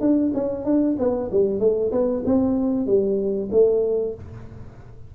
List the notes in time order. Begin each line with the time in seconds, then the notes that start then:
0.00 D4
0.34 C#4
0.65 D4
0.99 B3
1.31 G3
1.59 A3
1.91 B3
2.25 C4
2.86 G3
3.51 A3